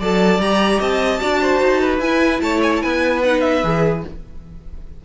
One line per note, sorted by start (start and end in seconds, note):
0.00 0.39 F#3
0.00 0.42 A4
0.00 0.79 D5
0.00 0.41 A5
0.39 0.79 G3
0.39 1.19 G4
0.39 0.81 A#5
0.79 1.21 C4
0.79 1.20 D#5
0.79 2.00 A5
1.19 1.61 D4
1.19 2.00 F#4
1.19 1.41 D5
1.42 1.81 C5
1.61 1.99 D#4
1.81 2.42 B4
1.99 2.39 E4
1.99 3.24 E4
1.99 2.41 G#5
2.41 2.81 A3
2.41 2.83 C#5
2.41 2.61 A5
2.63 2.73 G#5
2.77 3.22 G#5
2.77 2.82 A5
2.83 3.63 B3
2.83 4.05 B4
3.23 3.63 D#4
3.23 3.40 F#5
3.40 4.01 E5
3.63 4.04 E3
3.63 4.04 G#4